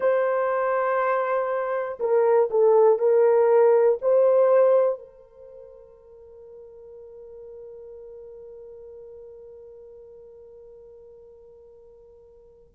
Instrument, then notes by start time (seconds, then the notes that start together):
horn
0.00 C5
1.99 A#4
2.50 A4
2.99 A#4
4.01 C5
4.99 A#4